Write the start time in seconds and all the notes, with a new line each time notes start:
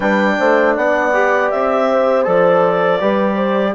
0.00 G3 D4 B4 G5
0.39 A3 C5
0.75 B3 D5 F#5
1.13 G4
1.50 C4 E5
1.89 C5
2.24 F3 A4 D5
3.00 G3 G4 B4
3.35 C5